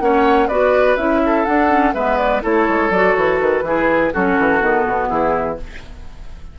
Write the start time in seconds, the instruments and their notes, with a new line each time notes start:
0.00 bassoon A#3, clarinet C#4, oboe C#5, flute F#5
0.47 bassoon B3, clarinet F#4, oboe B4, flute D5
0.97 bassoon C#4, clarinet E4, flute E5
1.26 oboe A4
1.45 clarinet D4, bassoon D4, flute F#5
1.69 clarinet C#4
1.94 bassoon G#3, clarinet B3, oboe B4, flute E5
2.17 flute D5
2.42 bassoon A3, clarinet E4, oboe A4, flute C#5
2.69 bassoon G#3
2.90 bassoon F#3, clarinet F#4, flute D5
3.14 bassoon E3, flute C#5
3.40 bassoon D#3, flute B4
3.61 bassoon E3, clarinet E4, oboe G#4
4.13 bassoon F#3, clarinet C#4, oboe F#4, flute A4
4.38 bassoon E3
4.60 bassoon D#3, clarinet B3
4.87 bassoon B2
5.08 bassoon E3, oboe E4, flute G#4